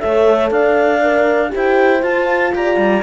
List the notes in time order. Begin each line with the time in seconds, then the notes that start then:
0.00 A3 A4 C#5 E5
0.51 D4 D5 F5
1.03 A#4
1.49 G4 C5
1.56 E4 G5
2.03 F4 A5
2.55 G4 D5 A#5
2.77 G3